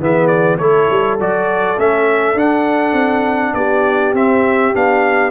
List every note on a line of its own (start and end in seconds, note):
0.00 0.59 E3
0.00 0.59 B3
0.00 0.59 G#4
0.00 0.27 E5
0.27 0.57 D5
0.59 0.88 A3
0.59 1.19 E4
0.59 3.56 A4
0.59 1.18 C#5
0.90 1.20 G3
1.20 1.77 F#3
1.20 1.77 F#4
1.20 1.80 D5
1.77 2.34 A3
1.77 2.37 C#4
1.77 2.39 E5
2.34 2.93 D4
2.34 4.14 D4
2.34 3.54 F#5
2.93 3.52 C4
3.54 4.13 B3
3.54 5.31 G4
3.54 4.14 D5
4.14 4.73 C4
4.14 4.74 C4
4.14 4.75 E5
4.74 5.31 B3
4.74 5.31 D4
4.74 5.31 F5